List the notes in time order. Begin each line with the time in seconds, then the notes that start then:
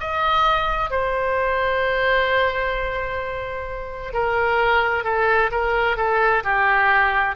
0.00 D#5
0.90 C5
4.13 A#4
5.04 A4
5.51 A#4
5.97 A4
6.44 G4